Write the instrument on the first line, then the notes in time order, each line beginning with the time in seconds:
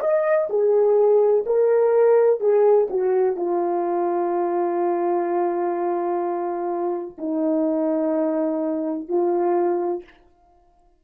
horn
0.00 D#5
0.49 G#4
1.46 A#4
2.40 G#4
2.90 F#4
3.36 F4
7.18 D#4
9.08 F4